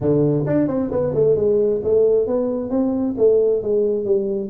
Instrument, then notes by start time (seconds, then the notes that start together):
tuba
0.00 D3
0.46 D4
0.67 C4
0.91 B3
1.14 A3
1.36 G#3
1.83 A3
2.26 B3
2.69 C4
3.17 A3
3.62 G#3
4.05 G3